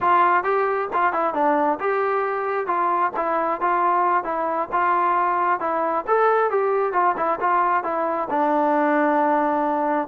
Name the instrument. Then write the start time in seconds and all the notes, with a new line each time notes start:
trombone
0.01 F4
0.43 G4
0.93 F4
1.13 E4
1.34 D4
1.80 G4
2.66 F4
3.16 E4
3.60 F4
4.24 E4
4.71 F4
5.59 E4
6.07 A4
6.50 G4
6.93 F4
7.16 E4
7.40 F4
7.83 E4
8.30 D4